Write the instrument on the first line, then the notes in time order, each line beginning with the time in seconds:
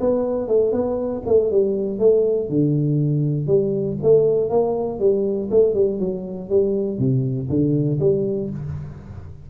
tuba
0.00 B3
0.47 A3
0.72 B3
1.26 A3
1.51 G3
1.99 A3
2.49 D3
3.47 G3
4.02 A3
4.50 A#3
4.99 G3
5.51 A3
5.74 G3
5.99 F#3
6.49 G3
6.99 C3
7.49 D3
8.00 G3